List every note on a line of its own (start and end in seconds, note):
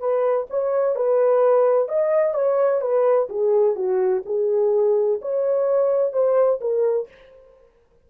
0.00 0.47 B4
0.50 0.96 C#5
0.96 1.89 B4
1.89 2.35 D#5
2.35 2.82 C#5
2.82 3.29 B4
3.29 3.76 G#4
3.76 4.23 F#4
4.26 5.21 G#4
5.22 6.13 C#5
6.13 6.60 C5
6.61 7.08 A#4